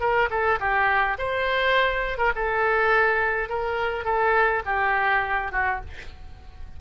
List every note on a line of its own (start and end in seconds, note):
0.00 0.29 A#4
0.30 0.58 A4
0.60 1.17 G4
1.18 2.17 C5
2.17 2.32 A#4
2.35 3.49 A4
3.49 4.05 A#4
4.05 4.62 A4
4.65 5.51 G4
5.52 5.81 F#4